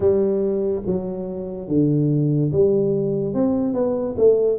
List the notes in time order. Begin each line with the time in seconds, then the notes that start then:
0.00 G3
0.86 F#3
1.68 D3
2.52 G3
3.34 C4
3.73 B3
4.17 A3